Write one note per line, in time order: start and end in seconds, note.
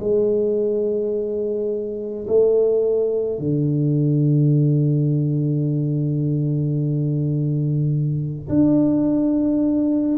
0.00 2.26 G#3
2.27 3.39 A3
3.39 8.48 D3
8.49 10.18 D4